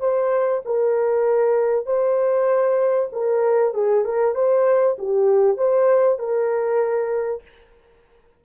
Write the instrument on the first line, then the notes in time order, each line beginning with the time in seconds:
horn
0.00 C5
0.65 A#4
1.86 C5
3.12 A#4
3.74 G#4
4.05 A#4
4.35 C5
4.98 G4
5.57 C5
6.19 A#4